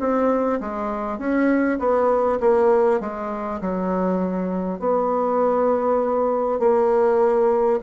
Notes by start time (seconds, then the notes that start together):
0.00 C4
0.60 G#3
1.18 C#4
1.79 B3
2.40 A#3
3.01 G#3
3.61 F#3
4.79 B3
6.59 A#3